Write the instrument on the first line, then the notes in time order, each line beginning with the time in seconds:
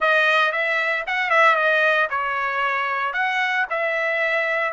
trumpet
0.00 D#5
0.52 E5
1.06 F#5
1.29 E5
1.55 D#5
2.10 C#5
3.13 F#5
3.70 E5